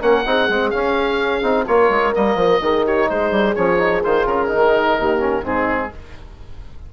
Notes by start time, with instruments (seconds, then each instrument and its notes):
0.00 bassoon A#3, trombone C#4, horn A#4, oboe F#5
0.26 bassoon C4, trombone D#4, horn G#4
0.49 bassoon G#3, trombone C4
0.71 trombone C#4, bassoon C#4, oboe F5
1.43 bassoon C4, trombone D#4
1.68 bassoon A#3, trombone F4, horn A#4, oboe C#5
1.90 bassoon G#3
2.14 bassoon G3, trombone A#3, oboe D#5
2.36 bassoon F3
2.62 bassoon D#3, trombone D#4, horn G#4
2.85 horn G4, oboe C#5
3.10 bassoon G#3, horn G#4, oboe C5
3.32 bassoon G3
3.56 bassoon F3, trombone C#4, oboe C#5
3.78 trombone D#4
4.04 bassoon D#3, trombone F4, oboe C5
4.27 bassoon C#3, oboe A#4
4.48 trombone D#4
4.55 bassoon D#3
4.99 bassoon D#2, horn G4
5.19 trombone C#4
5.44 bassoon G#2, trombone C4, horn D#4, oboe G#4